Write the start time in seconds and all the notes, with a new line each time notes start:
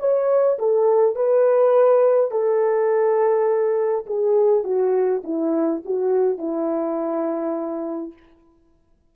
0.00 C#5
0.59 A4
1.16 B4
2.31 A4
4.06 G#4
4.64 F#4
5.24 E4
5.85 F#4
6.39 E4